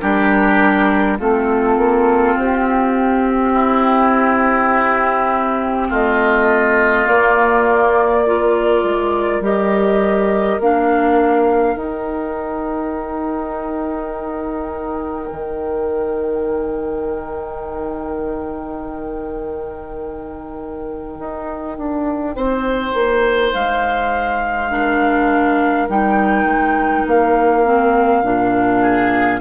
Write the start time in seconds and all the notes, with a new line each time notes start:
0.00 G3 D4 G4 A#4
1.18 A3 C4 F4 A4
1.77 A#3
2.37 C4 G4
3.52 E4
5.89 A3 F4 D#5
7.07 A#3 D5
8.24 F4 A#4
8.84 G#3
9.40 G3 G4 D#5
10.59 A#3 D4 F5
11.76 D#4 G5
15.32 D#3
21.19 D#4
21.78 D4
22.36 C4 C5
22.94 A#3
23.53 G#3 F5
24.70 D4 A#4
25.88 G3 D#4 G5
26.44 G#3
27.07 A#3 F5
27.65 C4
28.23 A#2 D4
28.81 G#4